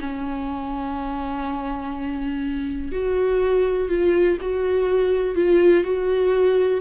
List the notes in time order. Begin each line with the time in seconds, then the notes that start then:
0.00 C#4
2.92 F#4
3.88 F4
4.41 F#4
5.35 F4
5.84 F#4